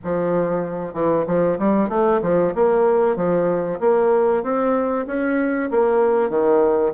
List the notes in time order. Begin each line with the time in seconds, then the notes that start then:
0.03 F3
0.93 E3
1.27 F3
1.58 G3
1.89 A3
2.21 F3
2.54 A#3
3.16 F3
3.80 A#3
4.43 C4
5.07 C#4
5.70 A#3
6.29 D#3